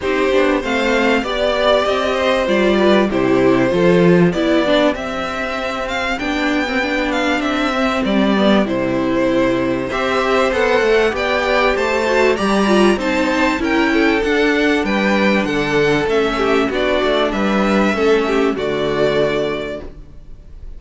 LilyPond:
<<
  \new Staff \with { instrumentName = "violin" } { \time 4/4 \tempo 4 = 97 c''4 f''4 d''4 dis''4 | d''4 c''2 d''4 | e''4. f''8 g''4. f''8 | e''4 d''4 c''2 |
e''4 fis''4 g''4 a''4 | ais''4 a''4 g''4 fis''4 | g''4 fis''4 e''4 d''4 | e''2 d''2 | }
  \new Staff \with { instrumentName = "violin" } { \time 4/4 g'4 c''4 d''4. c''8~ | c''8 b'8 g'4 a'4 g'4~ | g'1~ | g'1 |
c''2 d''4 c''4 | d''4 c''4 ais'8 a'4. | b'4 a'4. g'8 fis'4 | b'4 a'8 g'8 fis'2 | }
  \new Staff \with { instrumentName = "viola" } { \time 4/4 dis'8 d'8 c'4 g'2 | f'4 e'4 f'4 e'8 d'8 | c'2 d'8. c'16 d'4~ | d'8 c'4 b8 e'2 |
g'4 a'4 g'4. fis'8 | g'8 f'8 dis'4 e'4 d'4~ | d'2 cis'4 d'4~ | d'4 cis'4 a2 | }
  \new Staff \with { instrumentName = "cello" } { \time 4/4 c'8 b8 a4 b4 c'4 | g4 c4 f4 b4 | c'2 b2 | c'4 g4 c2 |
c'4 b8 a8 b4 a4 | g4 c'4 cis'4 d'4 | g4 d4 a4 b8 a8 | g4 a4 d2 | }
>>